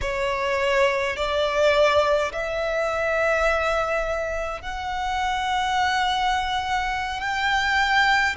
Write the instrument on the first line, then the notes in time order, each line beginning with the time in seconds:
violin
0.01 C#5
1.16 D5
2.32 E5
4.62 F#5
7.20 G5